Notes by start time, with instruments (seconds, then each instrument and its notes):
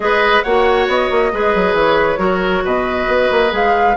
0.00 bassoon G#3, clarinet G#4, oboe B4, flute D#5
0.42 bassoon A#3, clarinet F#4, oboe C#5, flute F#5
0.87 bassoon B3, flute D#5
1.10 bassoon A#3
1.32 bassoon G#3, clarinet G#4, oboe B4
1.54 bassoon F#3
1.73 bassoon E3, flute C#5
2.17 bassoon F#3, clarinet F#4, oboe A#4
2.64 bassoon B2, oboe B4, flute D#5
3.07 bassoon B3
3.31 bassoon A#3
3.50 bassoon G#3, clarinet G#4, flute F5